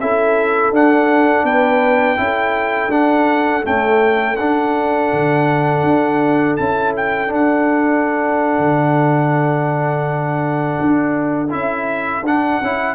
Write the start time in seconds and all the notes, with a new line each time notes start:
0.00 C#4 E4 A4 E5
0.71 D4 F#5
1.44 B3 B4 G5
2.17 C#4 E4
2.23 A4
2.87 D4 F#5
3.63 A3 C#4 G5
4.36 D4 F#5
5.13 D3
5.83 D4
6.56 C#4 E4 A5
6.96 G5
7.27 D4 F#5
8.59 D3
10.81 D4
11.50 C#4 E4 E5
12.22 D4 F#5
12.61 C#4 E4